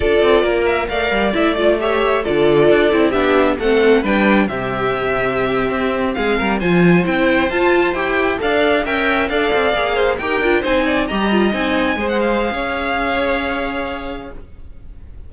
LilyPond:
<<
  \new Staff \with { instrumentName = "violin" } { \time 4/4 \tempo 4 = 134 d''4. e''8 f''4 e''8 d''8 | e''4 d''2 e''4 | fis''4 g''4 e''2~ | e''4.~ e''16 f''4 gis''4 g''16~ |
g''8. a''4 g''4 f''4 g''16~ | g''8. f''2 g''4 gis''16~ | gis''8. ais''4 gis''4~ gis''16 fis''16 f''8.~ | f''1 | }
  \new Staff \with { instrumentName = "violin" } { \time 4/4 a'4 ais'4 d''2 | cis''4 a'2 g'4 | a'4 b'4 g'2~ | g'4.~ g'16 gis'8 ais'8 c''4~ c''16~ |
c''2~ c''8. d''4 e''16~ | e''8. d''4. c''8 ais'4 c''16~ | c''16 d''8 dis''2 c''4~ c''16 | cis''1 | }
  \new Staff \with { instrumentName = "viola" } { \time 4/4 f'2 ais'4 e'8 f'8 | g'4 f'4. e'8 d'4 | c'4 d'4 c'2~ | c'2~ c'8. f'4 e'16~ |
e'8. f'4 g'4 a'4 ais'16~ | ais'8. a'4 gis'4 g'8 f'8 dis'16~ | dis'8. g'8 f'8 dis'4 gis'4~ gis'16~ | gis'1 | }
  \new Staff \with { instrumentName = "cello" } { \time 4/4 d'8 c'8 ais4 a8 g8 a4~ | a4 d4 d'8 c'8 b4 | a4 g4 c2~ | c8. c'4 gis8 g8 f4 c'16~ |
c'8. f'4 e'4 d'4 cis'16~ | cis'8. d'8 c'8 ais4 dis'8 d'8 c'16~ | c'8. g4 c'4 gis4~ gis16 | cis'1 | }
>>